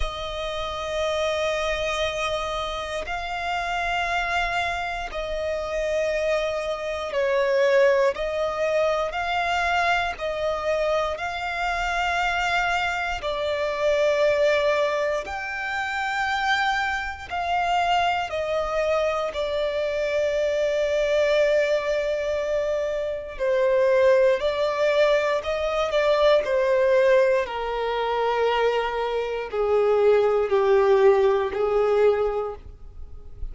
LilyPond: \new Staff \with { instrumentName = "violin" } { \time 4/4 \tempo 4 = 59 dis''2. f''4~ | f''4 dis''2 cis''4 | dis''4 f''4 dis''4 f''4~ | f''4 d''2 g''4~ |
g''4 f''4 dis''4 d''4~ | d''2. c''4 | d''4 dis''8 d''8 c''4 ais'4~ | ais'4 gis'4 g'4 gis'4 | }